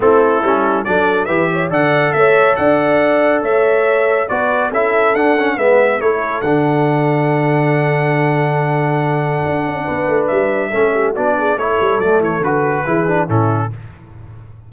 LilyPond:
<<
  \new Staff \with { instrumentName = "trumpet" } { \time 4/4 \tempo 4 = 140 a'2 d''4 e''4 | fis''4 e''4 fis''2 | e''2 d''4 e''4 | fis''4 e''4 cis''4 fis''4~ |
fis''1~ | fis''1 | e''2 d''4 cis''4 | d''8 cis''8 b'2 a'4 | }
  \new Staff \with { instrumentName = "horn" } { \time 4/4 e'2 a'4 b'8 cis''8 | d''4 cis''4 d''2 | cis''2 b'4 a'4~ | a'4 b'4 a'2~ |
a'1~ | a'2. b'4~ | b'4 a'8 g'8 fis'8 gis'8 a'4~ | a'2 gis'4 e'4 | }
  \new Staff \with { instrumentName = "trombone" } { \time 4/4 c'4 cis'4 d'4 g'4 | a'1~ | a'2 fis'4 e'4 | d'8 cis'8 b4 e'4 d'4~ |
d'1~ | d'1~ | d'4 cis'4 d'4 e'4 | a4 fis'4 e'8 d'8 cis'4 | }
  \new Staff \with { instrumentName = "tuba" } { \time 4/4 a4 g4 fis4 e4 | d4 a4 d'2 | a2 b4 cis'4 | d'4 gis4 a4 d4~ |
d1~ | d2 d'8 cis'8 b8 a8 | g4 a4 b4 a8 g8 | fis8 e8 d4 e4 a,4 | }
>>